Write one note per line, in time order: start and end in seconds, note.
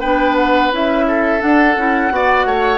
0.00 0.71 B3
0.00 0.72 D4
0.00 1.05 B4
0.00 0.36 G5
0.36 0.71 F#5
0.71 1.41 C#4
0.71 1.39 E4
0.71 1.41 E5
1.08 2.13 A4
1.39 1.74 D4
1.39 1.76 D4
1.39 2.78 F#5
1.76 2.11 C#4
1.76 2.11 E4
2.11 2.45 B3
2.11 2.78 F#4
2.11 2.47 D5
2.45 2.78 A3
2.45 2.78 C#5